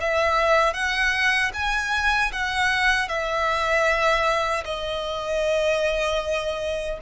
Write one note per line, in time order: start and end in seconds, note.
0.00 0.73 E5
0.73 1.51 F#5
1.53 2.31 G#5
2.32 3.08 F#5
3.08 4.64 E5
4.64 6.98 D#5